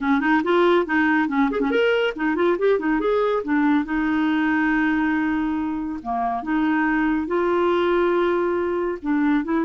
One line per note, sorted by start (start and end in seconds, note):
0.00 0.20 C#4
0.20 0.42 D#4
0.43 0.86 F4
0.86 1.28 D#4
1.28 1.50 C#4
1.50 1.60 G#4
1.60 1.70 C#4
1.70 2.13 A#4
2.16 2.35 D#4
2.35 2.57 F4
2.58 2.79 G4
2.79 3.00 D#4
3.00 3.42 G#4
3.43 3.85 D4
3.85 5.99 D#4
6.02 6.42 A#3
6.42 7.27 D#4
7.27 8.98 F4
9.02 9.44 D4
9.44 9.64 E4